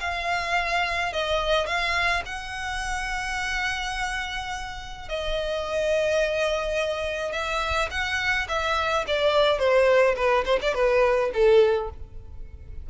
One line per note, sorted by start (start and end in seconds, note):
0.00 1.12 F5
1.12 1.66 D#5
1.66 2.23 F5
2.26 5.09 F#5
5.09 7.32 D#5
7.32 7.89 E5
7.91 8.47 F#5
8.48 9.05 E5
9.07 9.59 D5
9.59 10.15 C5
10.16 10.44 B4
10.45 10.59 C5
10.62 10.74 D5
10.74 11.31 B4
11.34 11.90 A4